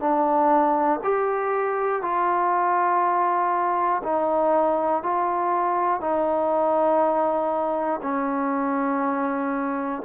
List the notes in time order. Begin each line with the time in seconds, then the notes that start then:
0.00 D4
1.04 G4
2.02 F4
4.03 D#4
5.03 F4
6.00 D#4
8.02 C#4